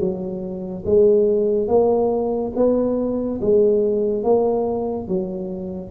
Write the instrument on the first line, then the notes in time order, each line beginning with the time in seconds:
tuba
0.00 F#3
0.86 G#3
1.68 A#3
2.56 B3
3.41 G#3
4.24 A#3
5.08 F#3